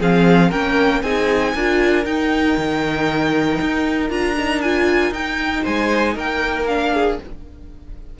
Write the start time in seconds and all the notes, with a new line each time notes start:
0.00 F3 C4 G#4 F5
0.49 A#3 C#4 A#4 G5
1.03 C4 D#4 G#4 G#5
1.54 D4 F4 A#4
2.05 D#4 G5
2.57 D#3
3.61 D#4
4.10 D4 F4 A#5
4.38 D#4
4.62 F4 G#5
5.11 D#4 G5
5.63 G#3 C5 G#5
6.16 A#3 A#4 G5
6.67 D4 F5
6.94 G#4